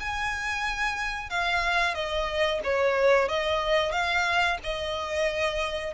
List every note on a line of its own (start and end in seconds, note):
0.00 1.30 G#5
1.30 1.95 F5
1.95 2.61 D#5
2.64 3.28 C#5
3.28 3.92 D#5
3.92 4.58 F5
4.64 5.94 D#5